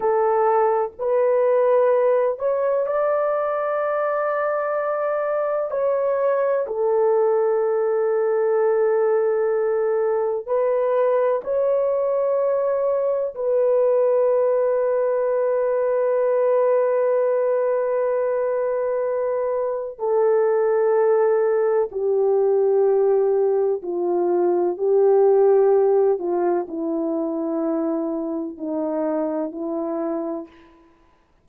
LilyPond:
\new Staff \with { instrumentName = "horn" } { \time 4/4 \tempo 4 = 63 a'4 b'4. cis''8 d''4~ | d''2 cis''4 a'4~ | a'2. b'4 | cis''2 b'2~ |
b'1~ | b'4 a'2 g'4~ | g'4 f'4 g'4. f'8 | e'2 dis'4 e'4 | }